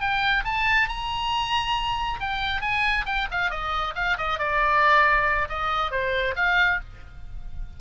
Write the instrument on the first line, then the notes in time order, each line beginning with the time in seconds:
oboe
0.00 G5
0.44 A5
0.88 A#5
2.20 G5
2.61 G#5
3.05 G5
3.31 F5
3.50 D#5
3.95 F5
4.17 D#5
4.39 D5
5.49 D#5
5.91 C5
6.36 F5